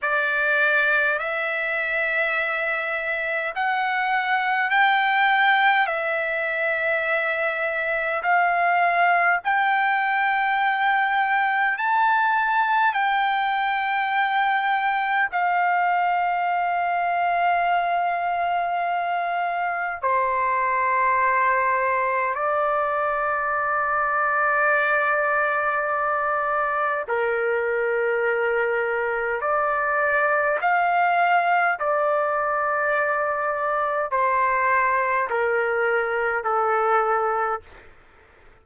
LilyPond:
\new Staff \with { instrumentName = "trumpet" } { \time 4/4 \tempo 4 = 51 d''4 e''2 fis''4 | g''4 e''2 f''4 | g''2 a''4 g''4~ | g''4 f''2.~ |
f''4 c''2 d''4~ | d''2. ais'4~ | ais'4 d''4 f''4 d''4~ | d''4 c''4 ais'4 a'4 | }